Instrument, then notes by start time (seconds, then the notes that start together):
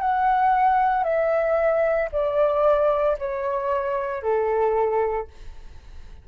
flute
0.00 F#5
1.03 E5
2.12 D5
3.19 C#5
4.22 A4